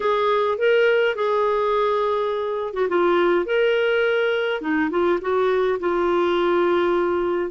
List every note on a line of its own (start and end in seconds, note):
0.00 0.57 G#4
0.57 1.15 A#4
1.15 2.73 G#4
2.73 2.88 F#4
2.88 3.45 F4
3.45 4.61 A#4
4.61 4.90 D#4
4.90 5.19 F4
5.21 5.78 F#4
5.79 7.50 F4